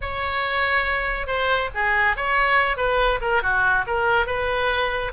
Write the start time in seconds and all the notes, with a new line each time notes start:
0.01 C#5
1.26 C5
1.74 G#4
2.16 C#5
2.76 B4
3.21 A#4
3.42 F#4
3.86 A#4
4.26 B4